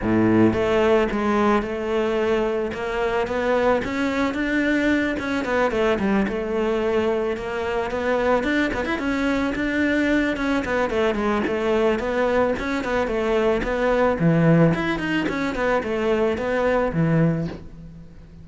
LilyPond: \new Staff \with { instrumentName = "cello" } { \time 4/4 \tempo 4 = 110 a,4 a4 gis4 a4~ | a4 ais4 b4 cis'4 | d'4. cis'8 b8 a8 g8 a8~ | a4. ais4 b4 d'8 |
b16 e'16 cis'4 d'4. cis'8 b8 | a8 gis8 a4 b4 cis'8 b8 | a4 b4 e4 e'8 dis'8 | cis'8 b8 a4 b4 e4 | }